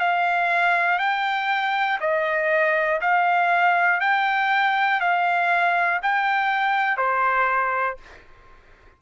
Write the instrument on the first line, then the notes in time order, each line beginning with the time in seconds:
trumpet
0.00 F5
1.00 G5
2.01 D#5
3.01 F5
4.01 G5
5.01 F5
6.03 G5
6.98 C5